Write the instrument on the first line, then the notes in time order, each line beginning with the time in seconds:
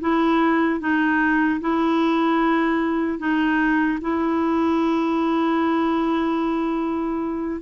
clarinet
0.00 E4
0.80 D#4
1.60 E4
3.19 D#4
4.01 E4